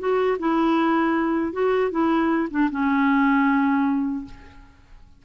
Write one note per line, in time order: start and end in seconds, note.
0.00 0.38 F#4
0.40 1.53 E4
1.53 1.92 F#4
1.92 2.49 E4
2.51 2.70 D4
2.72 4.26 C#4